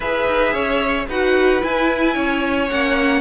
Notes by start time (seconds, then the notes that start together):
0.00 E4 G#4 B4 E5
0.26 D#4
0.53 C#4 C#5
1.08 D#4 F#4 B4 F#5
1.60 E4 G#5
2.14 C#4 C#5
2.68 A#3 C#4 F#5